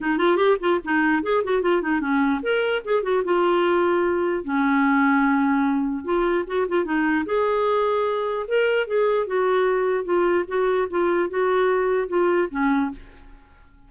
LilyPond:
\new Staff \with { instrumentName = "clarinet" } { \time 4/4 \tempo 4 = 149 dis'8 f'8 g'8 f'8 dis'4 gis'8 fis'8 | f'8 dis'8 cis'4 ais'4 gis'8 fis'8 | f'2. cis'4~ | cis'2. f'4 |
fis'8 f'8 dis'4 gis'2~ | gis'4 ais'4 gis'4 fis'4~ | fis'4 f'4 fis'4 f'4 | fis'2 f'4 cis'4 | }